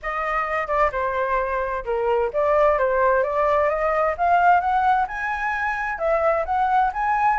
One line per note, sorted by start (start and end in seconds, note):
0.02 0.67 D#5
0.67 0.90 D5
0.92 1.84 C5
1.84 2.30 A#4
2.33 2.78 D5
2.78 3.23 C5
3.23 3.69 D5
3.69 4.15 D#5
4.17 4.60 F5
4.60 5.06 F#5
5.07 5.98 G#5
5.98 6.44 E5
6.45 6.91 F#5
6.93 7.39 G#5